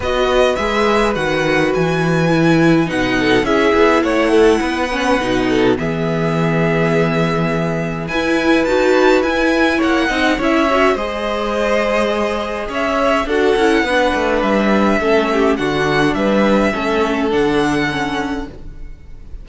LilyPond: <<
  \new Staff \with { instrumentName = "violin" } { \time 4/4 \tempo 4 = 104 dis''4 e''4 fis''4 gis''4~ | gis''4 fis''4 e''4 fis''4~ | fis''2 e''2~ | e''2 gis''4 a''4 |
gis''4 fis''4 e''4 dis''4~ | dis''2 e''4 fis''4~ | fis''4 e''2 fis''4 | e''2 fis''2 | }
  \new Staff \with { instrumentName = "violin" } { \time 4/4 b'1~ | b'4. a'8 gis'4 cis''8 a'8 | b'4. a'8 gis'2~ | gis'2 b'2~ |
b'4 cis''8 dis''8 cis''4 c''4~ | c''2 cis''4 a'4 | b'2 a'8 g'8 fis'4 | b'4 a'2. | }
  \new Staff \with { instrumentName = "viola" } { \time 4/4 fis'4 gis'4 fis'2 | e'4 dis'4 e'2~ | e'8 cis'8 dis'4 b2~ | b2 e'4 fis'4 |
e'4. dis'8 e'8 fis'8 gis'4~ | gis'2. fis'8 e'8 | d'2 cis'4 d'4~ | d'4 cis'4 d'4 cis'4 | }
  \new Staff \with { instrumentName = "cello" } { \time 4/4 b4 gis4 dis4 e4~ | e4 b,4 cis'8 b8 a4 | b4 b,4 e2~ | e2 e'4 dis'4 |
e'4 ais8 c'8 cis'4 gis4~ | gis2 cis'4 d'8 cis'8 | b8 a8 g4 a4 d4 | g4 a4 d2 | }
>>